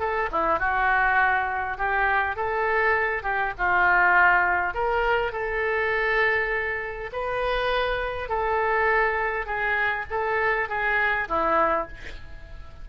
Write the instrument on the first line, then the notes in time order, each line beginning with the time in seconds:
oboe
0.00 A4
0.32 E4
0.60 F#4
1.78 G4
2.36 A4
3.23 G4
3.59 F4
4.74 A#4
5.33 A4
7.13 B4
8.29 A4
9.46 G#4
10.11 A4
10.69 G#4
11.29 E4